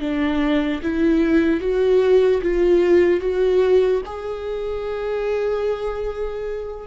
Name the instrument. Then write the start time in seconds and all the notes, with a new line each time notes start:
viola
0.00 D4
0.83 E4
1.60 F#4
2.42 F4
3.21 F#4
4.06 G#4